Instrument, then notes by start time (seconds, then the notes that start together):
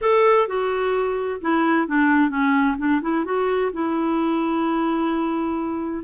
clarinet
0.01 A4
0.47 F#4
1.41 E4
1.87 D4
2.29 C#4
2.78 D4
3.01 E4
3.25 F#4
3.73 E4